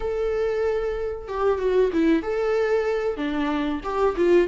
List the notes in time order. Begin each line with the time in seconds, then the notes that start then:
0.00 A4
1.28 G4
1.58 F#4
1.93 E4
2.22 A4
3.17 D4
3.83 G4
4.16 F4